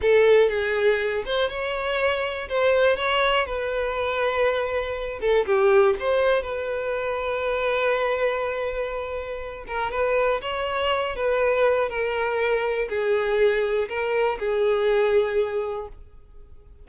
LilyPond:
\new Staff \with { instrumentName = "violin" } { \time 4/4 \tempo 4 = 121 a'4 gis'4. c''8 cis''4~ | cis''4 c''4 cis''4 b'4~ | b'2~ b'8 a'8 g'4 | c''4 b'2.~ |
b'2.~ b'8 ais'8 | b'4 cis''4. b'4. | ais'2 gis'2 | ais'4 gis'2. | }